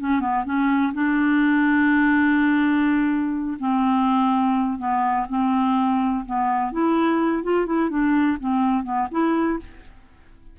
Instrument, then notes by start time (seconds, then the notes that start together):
clarinet
0.00 C#4
0.20 B3
0.45 C#4
0.93 D4
3.59 C4
4.78 B3
5.29 C4
6.25 B3
6.72 E4
7.43 F4
7.66 E4
7.89 D4
8.40 C4
8.84 B3
9.11 E4